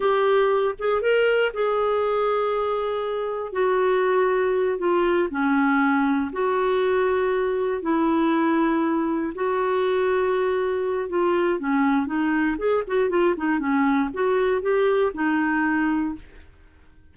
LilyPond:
\new Staff \with { instrumentName = "clarinet" } { \time 4/4 \tempo 4 = 119 g'4. gis'8 ais'4 gis'4~ | gis'2. fis'4~ | fis'4. f'4 cis'4.~ | cis'8 fis'2. e'8~ |
e'2~ e'8 fis'4.~ | fis'2 f'4 cis'4 | dis'4 gis'8 fis'8 f'8 dis'8 cis'4 | fis'4 g'4 dis'2 | }